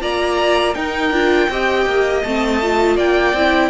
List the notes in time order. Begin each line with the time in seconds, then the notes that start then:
0.00 A#3 F4 D5 A#5
0.74 D#4 A#4 G5
1.11 D4 F4
1.49 C4 G4 D#5
1.85 A#3
2.23 A3 C4 A5
2.62 F4
2.96 A#3 D5 G5
3.33 C4 E4